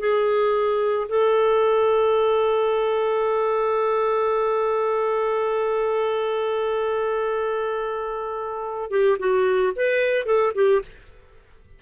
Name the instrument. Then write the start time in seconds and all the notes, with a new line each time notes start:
clarinet
0.00 G#4
1.09 A4
8.91 G4
9.19 F#4
9.76 B4
10.26 A4
10.55 G4